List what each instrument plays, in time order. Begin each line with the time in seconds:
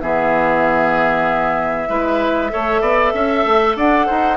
0.00 bassoon E3, clarinet B3, oboe G#4, flute E5
1.89 bassoon G#3, clarinet E4, oboe B4
2.49 bassoon A3, clarinet A4, oboe C#5
2.81 bassoon B3, oboe D5
3.14 bassoon C#4, oboe E5
3.45 bassoon A3
3.76 bassoon D4, oboe D5, flute F#5
4.06 bassoon D#4, oboe C5